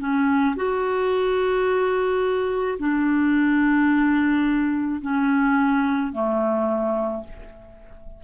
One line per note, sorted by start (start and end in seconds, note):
0.00 0.56 C#4
0.56 2.78 F#4
2.79 5.02 D4
5.02 6.13 C#4
6.13 7.24 A3